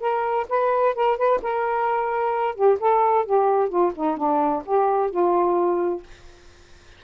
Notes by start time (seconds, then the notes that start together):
0.00 A#4
0.49 B4
0.94 A#4
1.17 B4
1.42 A#4
2.54 G4
2.79 A4
3.25 G4
3.69 F4
3.95 D#4
4.16 D4
4.65 G4
5.10 F4